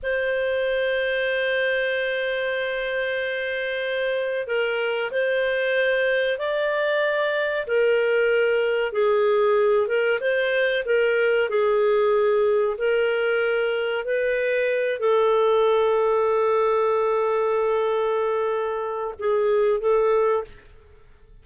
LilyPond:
\new Staff \with { instrumentName = "clarinet" } { \time 4/4 \tempo 4 = 94 c''1~ | c''2. ais'4 | c''2 d''2 | ais'2 gis'4. ais'8 |
c''4 ais'4 gis'2 | ais'2 b'4. a'8~ | a'1~ | a'2 gis'4 a'4 | }